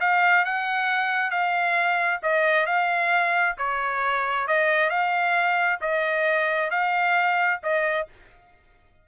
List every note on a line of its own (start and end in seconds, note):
0.00 0.45 F5
0.45 1.30 F#5
1.30 2.20 F5
2.22 2.66 D#5
2.66 3.56 F5
3.58 4.47 C#5
4.47 4.90 D#5
4.90 5.79 F5
5.81 6.70 D#5
6.70 7.60 F5
7.63 8.07 D#5